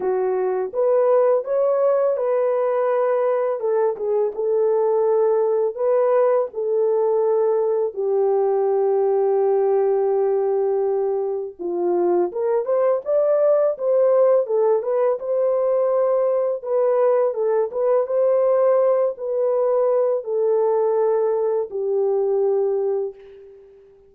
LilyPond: \new Staff \with { instrumentName = "horn" } { \time 4/4 \tempo 4 = 83 fis'4 b'4 cis''4 b'4~ | b'4 a'8 gis'8 a'2 | b'4 a'2 g'4~ | g'1 |
f'4 ais'8 c''8 d''4 c''4 | a'8 b'8 c''2 b'4 | a'8 b'8 c''4. b'4. | a'2 g'2 | }